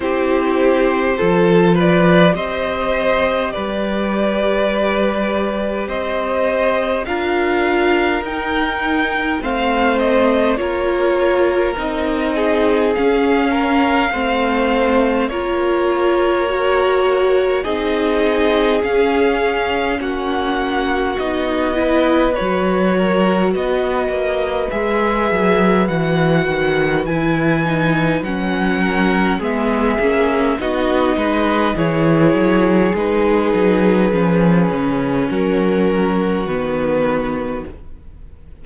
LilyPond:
<<
  \new Staff \with { instrumentName = "violin" } { \time 4/4 \tempo 4 = 51 c''4. d''8 dis''4 d''4~ | d''4 dis''4 f''4 g''4 | f''8 dis''8 cis''4 dis''4 f''4~ | f''4 cis''2 dis''4 |
f''4 fis''4 dis''4 cis''4 | dis''4 e''4 fis''4 gis''4 | fis''4 e''4 dis''4 cis''4 | b'2 ais'4 b'4 | }
  \new Staff \with { instrumentName = "violin" } { \time 4/4 g'4 a'8 b'8 c''4 b'4~ | b'4 c''4 ais'2 | c''4 ais'4. gis'4 ais'8 | c''4 ais'2 gis'4~ |
gis'4 fis'4. b'4 ais'8 | b'1~ | b'8 ais'8 gis'4 fis'8 b'8 gis'4~ | gis'2 fis'2 | }
  \new Staff \with { instrumentName = "viola" } { \time 4/4 e'4 f'4 g'2~ | g'2 f'4 dis'4 | c'4 f'4 dis'4 cis'4 | c'4 f'4 fis'4 dis'4 |
cis'2 dis'8 e'8 fis'4~ | fis'4 gis'4 fis'4 e'8 dis'8 | cis'4 b8 cis'8 dis'4 e'4 | dis'4 cis'2 b4 | }
  \new Staff \with { instrumentName = "cello" } { \time 4/4 c'4 f4 c'4 g4~ | g4 c'4 d'4 dis'4 | a4 ais4 c'4 cis'4 | a4 ais2 c'4 |
cis'4 ais4 b4 fis4 | b8 ais8 gis8 fis8 e8 dis8 e4 | fis4 gis8 ais8 b8 gis8 e8 fis8 | gis8 fis8 f8 cis8 fis4 dis4 | }
>>